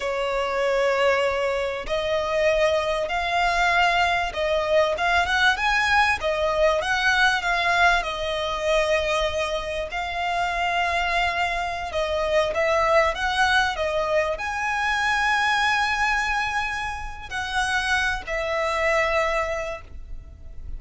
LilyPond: \new Staff \with { instrumentName = "violin" } { \time 4/4 \tempo 4 = 97 cis''2. dis''4~ | dis''4 f''2 dis''4 | f''8 fis''8 gis''4 dis''4 fis''4 | f''4 dis''2. |
f''2.~ f''16 dis''8.~ | dis''16 e''4 fis''4 dis''4 gis''8.~ | gis''1 | fis''4. e''2~ e''8 | }